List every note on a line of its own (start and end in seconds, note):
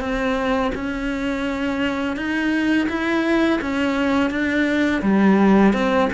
0.00 0.71 C4
0.75 2.16 C#4
2.16 2.88 D#4
2.89 3.60 E4
3.61 4.30 C#4
4.30 5.02 D4
5.02 5.73 G3
5.73 6.09 C4